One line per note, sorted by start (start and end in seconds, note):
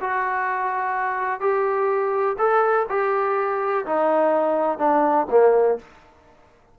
0.00 1.40 F#4
1.40 2.36 G4
2.38 2.86 A4
2.89 3.85 G4
3.85 4.78 D#4
4.78 5.26 D4
5.30 5.78 A#3